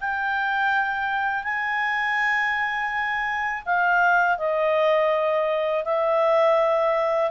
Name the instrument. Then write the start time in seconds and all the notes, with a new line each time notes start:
clarinet
0.00 G5
1.43 G#5
3.65 F5
4.38 D#5
5.84 E5